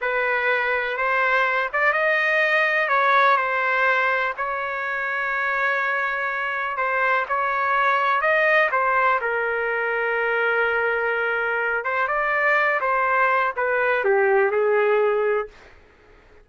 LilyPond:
\new Staff \with { instrumentName = "trumpet" } { \time 4/4 \tempo 4 = 124 b'2 c''4. d''8 | dis''2 cis''4 c''4~ | c''4 cis''2.~ | cis''2 c''4 cis''4~ |
cis''4 dis''4 c''4 ais'4~ | ais'1~ | ais'8 c''8 d''4. c''4. | b'4 g'4 gis'2 | }